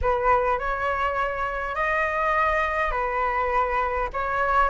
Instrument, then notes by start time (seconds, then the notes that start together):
flute
0.01 B4
0.59 C#5
1.75 D#5
2.91 B4
4.13 C#5